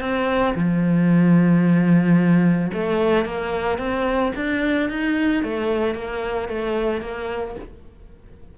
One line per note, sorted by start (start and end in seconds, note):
0.00 0.54 C4
0.55 2.71 F3
2.73 3.25 A3
3.25 3.78 A#3
3.78 4.32 C4
4.36 4.89 D4
4.89 5.43 D#4
5.43 5.94 A3
5.94 6.48 A#3
6.49 7.01 A3
7.01 7.55 A#3